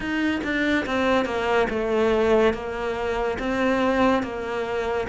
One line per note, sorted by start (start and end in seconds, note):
0.00 0.40 D#4
0.43 0.85 D4
0.86 1.25 C4
1.25 1.67 A#3
1.69 2.53 A3
2.53 3.38 A#3
3.38 4.23 C4
4.23 5.07 A#3